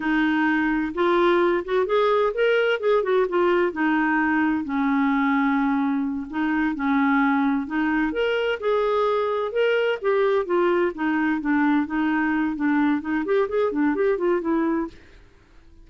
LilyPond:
\new Staff \with { instrumentName = "clarinet" } { \time 4/4 \tempo 4 = 129 dis'2 f'4. fis'8 | gis'4 ais'4 gis'8 fis'8 f'4 | dis'2 cis'2~ | cis'4. dis'4 cis'4.~ |
cis'8 dis'4 ais'4 gis'4.~ | gis'8 ais'4 g'4 f'4 dis'8~ | dis'8 d'4 dis'4. d'4 | dis'8 g'8 gis'8 d'8 g'8 f'8 e'4 | }